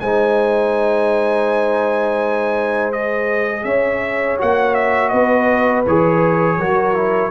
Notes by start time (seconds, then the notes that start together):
0.00 G#3 D#4 C5 G#5
2.92 G#4 D#5
3.64 C#4 C#5 E5
4.38 A#3 F#4 F#5
4.74 E5
5.09 B3 B4 D#5
5.87 E3 G#4 C#5
6.57 F#3 F#4 A#4
6.95 E4